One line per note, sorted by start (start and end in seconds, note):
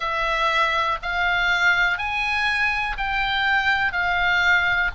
0.00 0.98 E5
1.02 1.98 F5
1.98 2.96 G#5
2.97 3.92 G5
3.92 4.90 F5